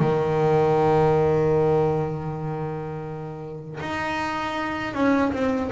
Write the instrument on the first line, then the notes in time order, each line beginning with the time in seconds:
double bass
0.00 D#3
3.80 D#4
4.94 C#4
5.32 C4